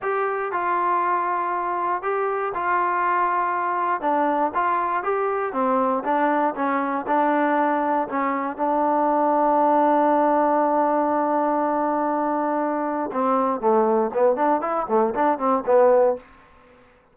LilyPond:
\new Staff \with { instrumentName = "trombone" } { \time 4/4 \tempo 4 = 119 g'4 f'2. | g'4 f'2. | d'4 f'4 g'4 c'4 | d'4 cis'4 d'2 |
cis'4 d'2.~ | d'1~ | d'2 c'4 a4 | b8 d'8 e'8 a8 d'8 c'8 b4 | }